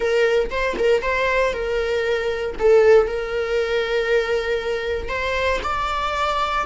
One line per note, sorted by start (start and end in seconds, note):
0.00 0.50 A#4
0.50 0.76 C5
0.78 1.02 A#4
1.02 1.53 C5
1.53 2.55 A#4
2.59 3.07 A4
3.07 5.08 A#4
5.08 5.59 C5
5.63 6.65 D5